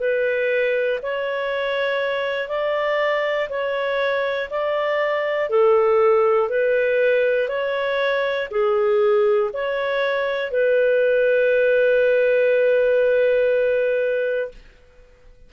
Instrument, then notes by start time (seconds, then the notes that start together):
clarinet
0.00 B4
1.03 C#5
2.49 D5
3.50 C#5
4.51 D5
5.50 A4
6.50 B4
7.49 C#5
8.51 G#4
9.54 C#5
10.51 B4